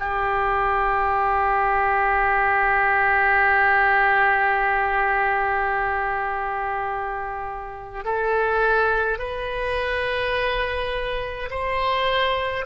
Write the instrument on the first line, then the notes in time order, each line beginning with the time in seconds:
oboe
0.00 G4
8.05 A4
9.19 B4
11.51 C5